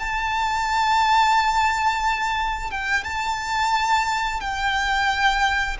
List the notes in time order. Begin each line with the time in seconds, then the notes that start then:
0.00 A5
2.71 G5
3.04 A5
4.41 G5